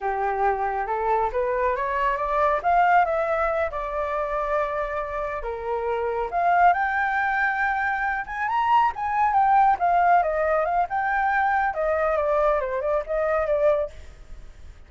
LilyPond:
\new Staff \with { instrumentName = "flute" } { \time 4/4 \tempo 4 = 138 g'2 a'4 b'4 | cis''4 d''4 f''4 e''4~ | e''8 d''2.~ d''8~ | d''8 ais'2 f''4 g''8~ |
g''2. gis''8 ais''8~ | ais''8 gis''4 g''4 f''4 dis''8~ | dis''8 f''8 g''2 dis''4 | d''4 c''8 d''8 dis''4 d''4 | }